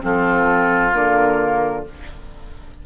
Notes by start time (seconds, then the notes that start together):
0.00 F3 C4 F4 A4
0.93 D3 A#3 A#4